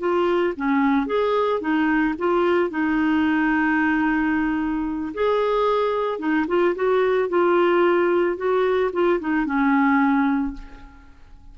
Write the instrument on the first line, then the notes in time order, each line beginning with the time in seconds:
clarinet
0.00 F4
0.57 C#4
1.07 G#4
1.61 D#4
2.19 F4
2.71 D#4
5.14 G#4
6.19 D#4
6.48 F4
6.76 F#4
7.29 F4
8.37 F#4
8.93 F4
9.20 D#4
9.46 C#4